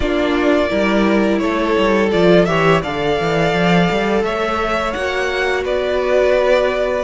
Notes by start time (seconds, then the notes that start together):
0.00 A#3 D4 F4 D5
0.68 G3 E4 A#4
1.38 A3 A4 C#5
1.77 G3
2.11 F3 F4 D5
2.45 E3 G4 C#5 E5
2.81 D3 A4 D5 F5
3.20 E3
3.53 F3
3.90 G3
4.23 A3 C#5 E5
4.92 A#3 F#4 F#5
5.64 B3 B4 D5